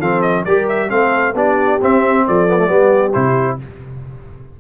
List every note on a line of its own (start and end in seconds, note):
0.00 0.46 F3
0.00 0.47 C4
0.00 0.45 A4
0.00 0.22 F5
0.22 0.44 D#5
0.45 0.91 G3
0.45 0.90 G4
0.45 0.90 A#4
0.45 0.68 D5
0.69 0.90 E5
0.90 1.34 A3
0.90 1.34 C4
0.90 1.35 A4
0.90 1.35 F5
1.34 1.79 B3
1.34 1.80 D4
1.34 2.24 G4
1.34 1.82 D5
1.82 2.48 C4
1.82 2.27 C4
1.82 2.28 E5
2.27 2.70 F3
2.27 2.67 A4
2.27 3.13 D5
2.48 2.57 B3
2.57 2.67 A3
2.67 3.15 G3
2.67 3.12 B3
2.67 3.56 G4
3.13 3.60 C3
3.13 3.59 E4
3.13 3.58 C5